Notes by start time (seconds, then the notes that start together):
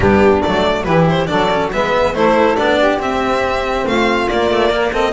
0.00 G3 B3 D4 G4
0.42 F#3 A3 D5
0.83 E3 E4 G4 B4
1.09 C5
1.27 F#3 D4 A4 D5
1.50 C#4
1.72 G#3 B3 B4 E5
2.13 A3 E4 A4 C5
2.56 B3 D4 D5
2.78 G4
2.99 C4 E5
3.86 A3 F4 F5
4.28 A#3 D5
4.50 A3
4.69 A#3 A#4
4.91 C4 A4 D#5